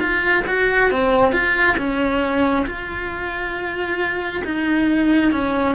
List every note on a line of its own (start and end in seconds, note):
0.00 0.44 F4
0.48 0.91 F#4
0.91 1.32 C4
1.32 1.76 F4
1.78 2.66 C#4
2.67 4.43 F4
4.45 5.32 D#4
5.32 5.76 C#4